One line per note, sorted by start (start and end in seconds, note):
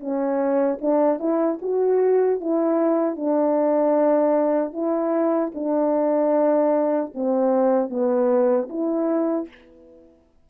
0.00 0.79 C#4
0.81 1.19 D4
1.19 1.59 E4
1.62 2.40 F#4
2.40 3.16 E4
3.16 4.73 D4
4.73 5.52 E4
5.54 7.12 D4
7.14 7.89 C4
7.89 8.68 B3
8.69 9.48 E4